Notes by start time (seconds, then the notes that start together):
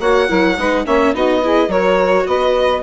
0.00 A#3 F#4 C#5 F#5
0.28 F#3 E4 A#4
0.58 G#3 D#4 B4
0.85 A#3 C#4 C#5 E5
1.14 B3 D#4 F#4 D#5
1.43 E4 G#4
1.68 F#3 F#4 A#4 C#5
2.27 B3 B4 D#5